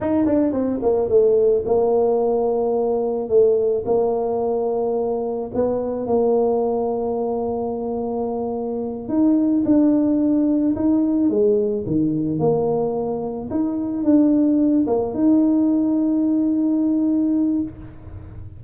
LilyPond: \new Staff \with { instrumentName = "tuba" } { \time 4/4 \tempo 4 = 109 dis'8 d'8 c'8 ais8 a4 ais4~ | ais2 a4 ais4~ | ais2 b4 ais4~ | ais1~ |
ais8 dis'4 d'2 dis'8~ | dis'8 gis4 dis4 ais4.~ | ais8 dis'4 d'4. ais8 dis'8~ | dis'1 | }